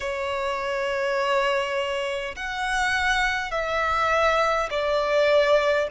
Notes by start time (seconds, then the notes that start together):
0.00 C#5
2.35 F#5
3.51 E5
4.70 D5